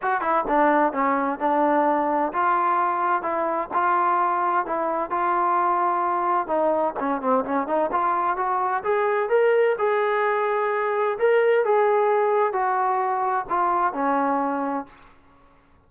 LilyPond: \new Staff \with { instrumentName = "trombone" } { \time 4/4 \tempo 4 = 129 fis'8 e'8 d'4 cis'4 d'4~ | d'4 f'2 e'4 | f'2 e'4 f'4~ | f'2 dis'4 cis'8 c'8 |
cis'8 dis'8 f'4 fis'4 gis'4 | ais'4 gis'2. | ais'4 gis'2 fis'4~ | fis'4 f'4 cis'2 | }